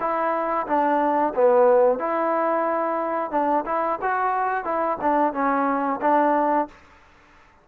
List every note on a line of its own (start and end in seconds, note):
0.00 0.67 E4
0.67 1.34 D4
1.35 1.99 B3
1.99 3.31 E4
3.31 3.64 D4
3.66 3.99 E4
4.02 4.64 F#4
4.64 4.98 E4
5.01 5.33 D4
5.33 6.00 C#4
6.01 6.68 D4